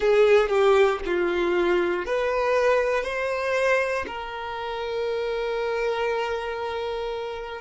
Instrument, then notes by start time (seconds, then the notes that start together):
violin
0.00 G#4
0.49 G4
1.05 F4
2.05 B4
3.03 C5
4.06 A#4